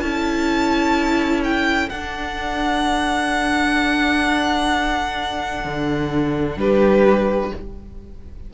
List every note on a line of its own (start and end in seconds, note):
0.00 1.89 C#4
0.00 1.90 E4
0.00 6.59 A4
0.00 1.41 A5
1.44 1.89 G5
1.89 5.64 D4
1.89 7.53 D4
1.89 6.58 F#5
5.64 6.57 D3
6.57 7.51 G3
6.57 7.54 G4
6.57 7.53 B4